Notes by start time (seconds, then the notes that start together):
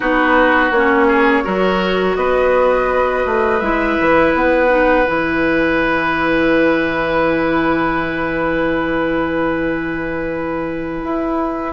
0.00 B3 D#4 F#4 B4
0.70 A#3 C#4 C#5
1.07 G#4
1.43 F#3 F#4 A#4
2.16 B3 B4 D#5
3.25 A3
3.60 G#3 E4 E5
4.00 E3
4.34 B3 F#5
4.68 D#4
5.06 E3 E4 G#5
11.03 E4